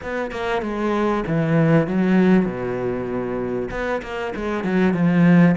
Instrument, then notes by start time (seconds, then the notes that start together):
cello
0.02 B3
0.31 A#3
0.62 G#3
1.26 E3
1.87 F#3
2.45 B2
3.70 B3
4.02 A#3
4.35 G#3
4.64 F#3
4.93 F3